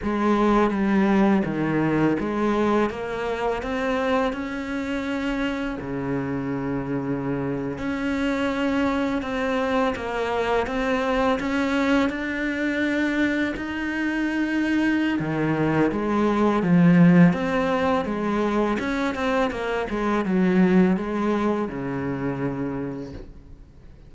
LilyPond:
\new Staff \with { instrumentName = "cello" } { \time 4/4 \tempo 4 = 83 gis4 g4 dis4 gis4 | ais4 c'4 cis'2 | cis2~ cis8. cis'4~ cis'16~ | cis'8. c'4 ais4 c'4 cis'16~ |
cis'8. d'2 dis'4~ dis'16~ | dis'4 dis4 gis4 f4 | c'4 gis4 cis'8 c'8 ais8 gis8 | fis4 gis4 cis2 | }